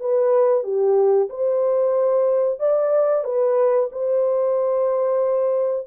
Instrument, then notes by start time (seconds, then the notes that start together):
horn
0.00 B4
0.63 G4
1.29 C5
2.59 D5
3.24 B4
3.91 C5